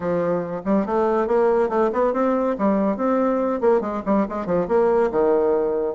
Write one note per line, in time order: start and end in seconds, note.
0.00 0.61 F3
0.65 0.86 G3
0.86 1.27 A3
1.27 1.69 A#3
1.69 1.90 A3
1.92 2.13 B3
2.13 2.56 C4
2.58 2.97 G3
2.97 3.60 C4
3.60 3.81 A#3
3.81 4.02 G#3
4.05 4.26 G3
4.28 4.46 G#3
4.46 4.67 F3
4.68 5.10 A#3
5.11 5.95 D#3